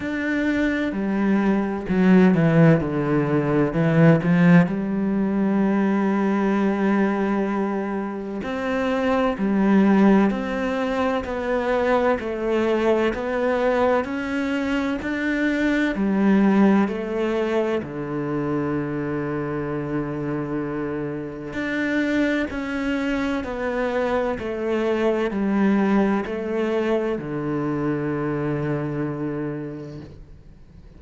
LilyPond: \new Staff \with { instrumentName = "cello" } { \time 4/4 \tempo 4 = 64 d'4 g4 fis8 e8 d4 | e8 f8 g2.~ | g4 c'4 g4 c'4 | b4 a4 b4 cis'4 |
d'4 g4 a4 d4~ | d2. d'4 | cis'4 b4 a4 g4 | a4 d2. | }